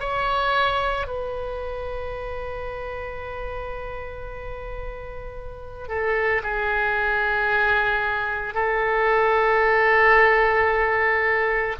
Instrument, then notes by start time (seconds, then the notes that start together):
oboe
0.00 C#5
1.07 B4
5.88 A4
6.43 G#4
8.54 A4